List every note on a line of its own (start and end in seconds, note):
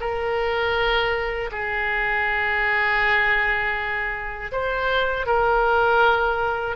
0.00 1.50 A#4
1.51 4.51 G#4
4.51 5.26 C5
5.26 6.76 A#4